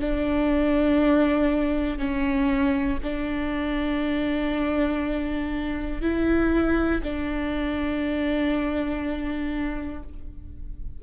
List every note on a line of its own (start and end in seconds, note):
0.00 1.98 D4
1.98 2.98 C#4
3.03 6.01 D4
6.01 7.01 E4
7.03 10.03 D4